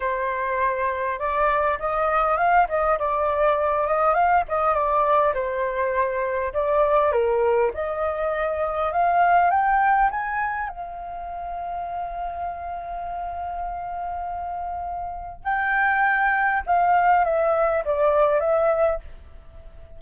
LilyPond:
\new Staff \with { instrumentName = "flute" } { \time 4/4 \tempo 4 = 101 c''2 d''4 dis''4 | f''8 dis''8 d''4. dis''8 f''8 dis''8 | d''4 c''2 d''4 | ais'4 dis''2 f''4 |
g''4 gis''4 f''2~ | f''1~ | f''2 g''2 | f''4 e''4 d''4 e''4 | }